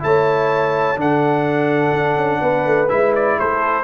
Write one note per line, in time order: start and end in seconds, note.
0.00 0.96 A3
0.00 0.96 E4
0.00 1.01 C#5
0.00 0.99 A5
0.96 1.93 D3
0.96 2.88 D4
0.96 2.42 A4
0.96 2.89 F#5
1.93 2.17 D4
2.17 2.41 C#4
2.42 2.66 B3
2.42 3.38 B4
2.66 2.90 A3
2.89 3.40 G#3
2.89 3.85 E4
2.89 3.13 E5
3.16 3.40 D5
3.40 3.85 A3
3.40 3.85 A4
3.40 3.85 C5